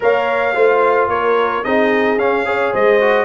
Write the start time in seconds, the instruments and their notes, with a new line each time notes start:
0.00 tuba A#3, trombone A#4, horn C#5, trumpet F5
0.54 tuba A3, trombone F4, horn C5
1.08 tuba A#3, horn A#4, trumpet C#5
1.64 tuba C4, trombone D#4, horn G#4, trumpet D#5
2.17 tuba C#4, trombone C#4, trumpet F5
2.45 trombone G#4, horn C#5
2.72 tuba G#3, horn C5, trumpet D#5
3.00 trombone F#4